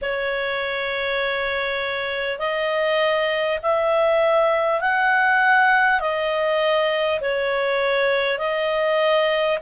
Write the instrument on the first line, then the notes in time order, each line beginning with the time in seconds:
clarinet
0.01 C#5
2.38 D#5
3.62 E5
4.80 F#5
5.99 D#5
7.21 C#5
8.38 D#5